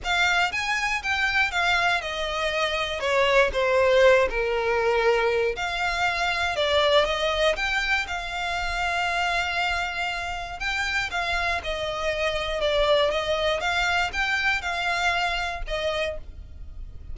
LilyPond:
\new Staff \with { instrumentName = "violin" } { \time 4/4 \tempo 4 = 119 f''4 gis''4 g''4 f''4 | dis''2 cis''4 c''4~ | c''8 ais'2~ ais'8 f''4~ | f''4 d''4 dis''4 g''4 |
f''1~ | f''4 g''4 f''4 dis''4~ | dis''4 d''4 dis''4 f''4 | g''4 f''2 dis''4 | }